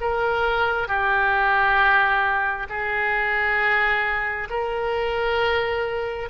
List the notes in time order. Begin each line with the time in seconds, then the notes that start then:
0.00 A#4
0.88 G4
2.69 G#4
4.49 A#4